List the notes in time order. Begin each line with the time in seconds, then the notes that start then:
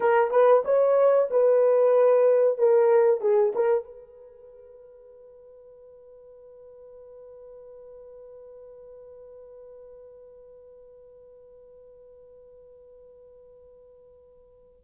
0.00 A#4
0.30 B4
0.65 C#5
1.30 B4
2.57 A#4
3.21 G#4
3.55 A#4
3.84 B4